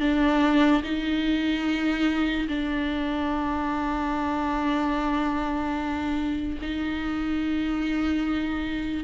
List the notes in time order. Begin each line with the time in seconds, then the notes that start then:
0.00 D4
0.83 D#4
2.48 D4
6.61 D#4